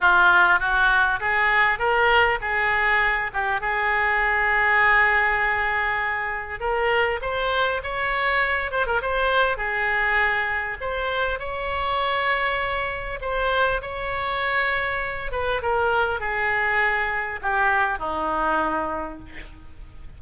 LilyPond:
\new Staff \with { instrumentName = "oboe" } { \time 4/4 \tempo 4 = 100 f'4 fis'4 gis'4 ais'4 | gis'4. g'8 gis'2~ | gis'2. ais'4 | c''4 cis''4. c''16 ais'16 c''4 |
gis'2 c''4 cis''4~ | cis''2 c''4 cis''4~ | cis''4. b'8 ais'4 gis'4~ | gis'4 g'4 dis'2 | }